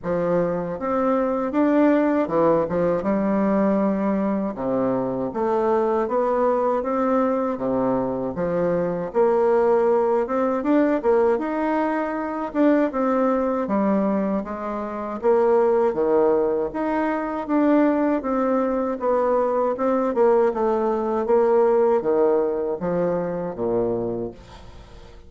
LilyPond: \new Staff \with { instrumentName = "bassoon" } { \time 4/4 \tempo 4 = 79 f4 c'4 d'4 e8 f8 | g2 c4 a4 | b4 c'4 c4 f4 | ais4. c'8 d'8 ais8 dis'4~ |
dis'8 d'8 c'4 g4 gis4 | ais4 dis4 dis'4 d'4 | c'4 b4 c'8 ais8 a4 | ais4 dis4 f4 ais,4 | }